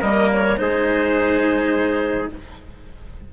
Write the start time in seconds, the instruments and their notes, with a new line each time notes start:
0.00 bassoon G3, cello A#3, trumpet A#4, clarinet D#5
0.33 clarinet C#5
0.57 bassoon G#3, cello D#4, trumpet G#4, clarinet C5